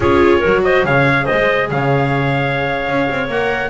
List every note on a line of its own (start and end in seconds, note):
0.00 0.42 C#4
0.00 0.43 F4
0.00 0.38 G#4
0.00 0.63 C#5
0.38 0.60 A#4
0.45 0.84 F#3
0.45 0.85 F#4
0.63 0.85 C5
0.63 0.84 D#5
0.84 1.26 C#3
0.84 3.30 G#4
0.84 1.24 C#5
0.84 1.26 F5
1.24 1.67 C5
1.24 1.68 D#5
1.32 1.71 G#3
1.71 2.87 C#3
1.71 3.69 C#5
1.71 3.30 F5
2.87 3.09 C#4
3.09 3.28 C4
3.28 3.69 A#3
3.28 3.69 A#4
3.28 3.69 F#5